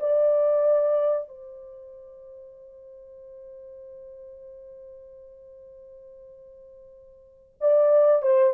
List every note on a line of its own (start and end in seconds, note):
0.00 1.28 D5
1.28 7.55 C5
7.61 8.22 D5
8.22 8.54 C5